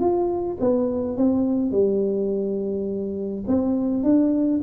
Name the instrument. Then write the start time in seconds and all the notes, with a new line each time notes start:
tuba
0.00 F4
0.61 B3
1.17 C4
1.72 G3
3.48 C4
4.04 D4